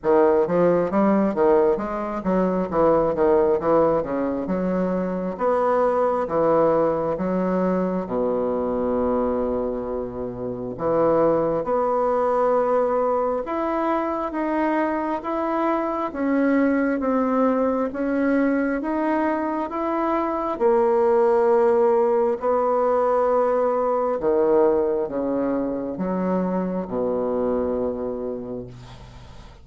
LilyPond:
\new Staff \with { instrumentName = "bassoon" } { \time 4/4 \tempo 4 = 67 dis8 f8 g8 dis8 gis8 fis8 e8 dis8 | e8 cis8 fis4 b4 e4 | fis4 b,2. | e4 b2 e'4 |
dis'4 e'4 cis'4 c'4 | cis'4 dis'4 e'4 ais4~ | ais4 b2 dis4 | cis4 fis4 b,2 | }